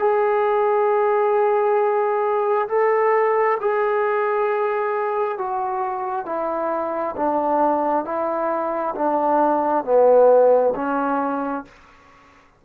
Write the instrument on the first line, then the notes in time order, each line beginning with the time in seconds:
trombone
0.00 G#4
2.69 A4
3.61 G#4
5.39 F#4
6.26 E4
7.17 D4
8.06 E4
8.96 D4
9.85 B3
10.75 C#4